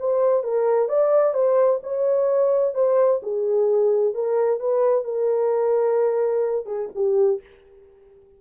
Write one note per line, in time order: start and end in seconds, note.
0.00 0.44 C5
0.44 0.89 A#4
0.89 1.34 D5
1.34 1.80 C5
1.83 2.75 C#5
2.75 3.21 C5
3.23 4.15 G#4
4.15 4.60 A#4
4.60 5.05 B4
5.05 6.66 A#4
6.66 6.89 G#4
6.95 7.41 G4